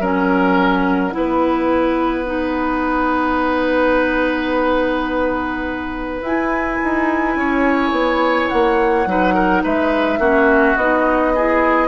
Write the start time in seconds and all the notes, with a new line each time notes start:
0.00 F#3 C#4 A#4 F#5
1.12 B3 E4 B4
2.25 D#4
6.21 E4 G#5
6.84 D#4
7.36 C#4 C#5
7.92 B3
8.49 A#3 F#5
9.06 F#3 D#4 B4
9.34 A#4
9.64 G#3 B4 E5
10.18 A#3 C#4 F#4
10.76 B3 D#4 D#5
11.35 E4 G#4